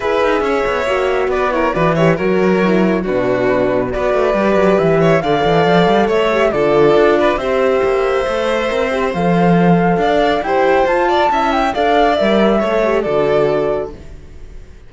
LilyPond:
<<
  \new Staff \with { instrumentName = "flute" } { \time 4/4 \tempo 4 = 138 e''2. d''8 cis''8 | d''8 e''8 cis''2 b'4~ | b'4 d''2 e''4 | f''2 e''4 d''4~ |
d''4 e''2.~ | e''4 f''2. | g''4 a''4. g''8 f''4 | e''2 d''2 | }
  \new Staff \with { instrumentName = "violin" } { \time 4/4 b'4 cis''2 b'8 ais'8 | b'8 cis''8 ais'2 fis'4~ | fis'4 b'2~ b'8 cis''8 | d''2 cis''4 a'4~ |
a'8 b'8 c''2.~ | c''2. d''4 | c''4. d''8 e''4 d''4~ | d''4 cis''4 a'2 | }
  \new Staff \with { instrumentName = "horn" } { \time 4/4 gis'2 fis'4. e'8 | fis'8 g'8 fis'4 e'4 d'4~ | d'4 fis'4 g'2 | a'2~ a'8 g'8 f'4~ |
f'4 g'2 a'4 | ais'8 g'8 a'2. | g'4 f'4 e'4 a'4 | ais'4 a'8 g'8 fis'2 | }
  \new Staff \with { instrumentName = "cello" } { \time 4/4 e'8 dis'8 cis'8 b8 ais4 b4 | e4 fis2 b,4~ | b,4 b8 a8 g8 fis8 e4 | d8 e8 f8 g8 a4 d4 |
d'4 c'4 ais4 a4 | c'4 f2 d'4 | e'4 f'4 cis'4 d'4 | g4 a4 d2 | }
>>